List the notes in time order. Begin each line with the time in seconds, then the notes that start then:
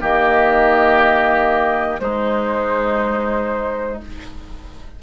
0.00 D#3 A#3 G4 D#5
1.99 G#3 D#4 C5